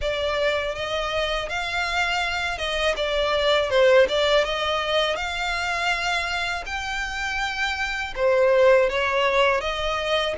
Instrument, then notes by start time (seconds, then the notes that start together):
violin
0.01 D5
0.75 D#5
1.49 F5
2.58 D#5
2.96 D5
3.69 C5
4.08 D5
4.44 D#5
5.15 F5
6.65 G5
8.15 C5
8.89 C#5
9.61 D#5